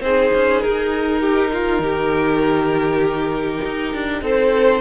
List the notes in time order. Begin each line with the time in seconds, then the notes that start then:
0.00 C4 D#4 G#4 C5
0.33 C#4
0.61 D#4 A#4
1.20 G4
1.53 F4
1.79 D#3 G4
3.64 D#4
3.94 D4
4.21 C4 A4 C5